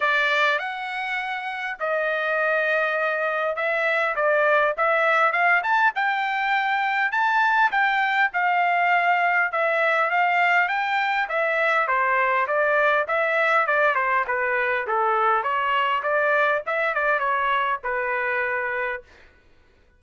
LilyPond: \new Staff \with { instrumentName = "trumpet" } { \time 4/4 \tempo 4 = 101 d''4 fis''2 dis''4~ | dis''2 e''4 d''4 | e''4 f''8 a''8 g''2 | a''4 g''4 f''2 |
e''4 f''4 g''4 e''4 | c''4 d''4 e''4 d''8 c''8 | b'4 a'4 cis''4 d''4 | e''8 d''8 cis''4 b'2 | }